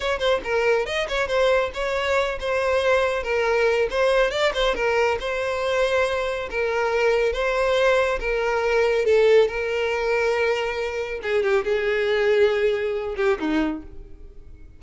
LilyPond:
\new Staff \with { instrumentName = "violin" } { \time 4/4 \tempo 4 = 139 cis''8 c''8 ais'4 dis''8 cis''8 c''4 | cis''4. c''2 ais'8~ | ais'4 c''4 d''8 c''8 ais'4 | c''2. ais'4~ |
ais'4 c''2 ais'4~ | ais'4 a'4 ais'2~ | ais'2 gis'8 g'8 gis'4~ | gis'2~ gis'8 g'8 dis'4 | }